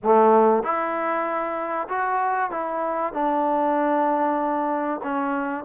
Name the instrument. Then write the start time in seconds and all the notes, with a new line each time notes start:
trombone
0.03 A3
0.62 E4
1.88 F#4
2.50 E4
3.13 D4
5.03 C#4